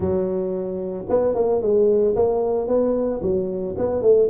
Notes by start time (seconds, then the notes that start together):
0.00 F#3
1.09 B3
1.34 A#3
1.61 G#3
2.15 A#3
2.67 B3
3.21 F#3
3.77 B3
4.02 A3